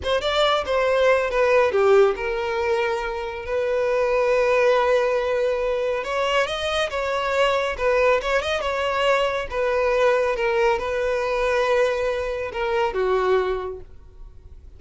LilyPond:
\new Staff \with { instrumentName = "violin" } { \time 4/4 \tempo 4 = 139 c''8 d''4 c''4. b'4 | g'4 ais'2. | b'1~ | b'2 cis''4 dis''4 |
cis''2 b'4 cis''8 dis''8 | cis''2 b'2 | ais'4 b'2.~ | b'4 ais'4 fis'2 | }